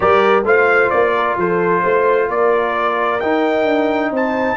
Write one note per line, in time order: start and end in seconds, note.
0.00 0.44 G3
0.00 0.42 G4
0.00 0.45 A#4
0.00 0.43 D5
0.44 0.90 A3
0.44 3.20 F4
0.44 1.14 C5
0.44 0.90 F5
0.90 1.36 A#3
0.90 1.35 D5
1.16 1.38 A#4
1.36 1.82 F3
1.36 1.82 A4
1.36 2.30 C5
1.82 2.28 A3
1.82 2.28 C5
2.28 3.20 A#3
2.28 4.12 A#4
2.28 3.20 D5
3.20 3.65 D#4
3.20 4.56 D#4
3.20 4.11 G5
3.65 4.10 D4
4.10 4.56 C4
4.10 4.56 C5
4.10 4.56 A5